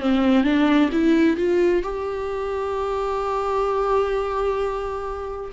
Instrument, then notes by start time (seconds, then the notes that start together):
viola
0.00 C4
0.44 D4
0.92 E4
1.37 F4
1.83 G4